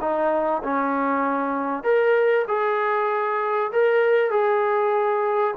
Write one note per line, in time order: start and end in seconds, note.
0.00 0.62 D#4
0.63 1.83 C#4
1.83 2.45 A#4
2.47 3.71 G#4
3.72 4.30 A#4
4.30 5.54 G#4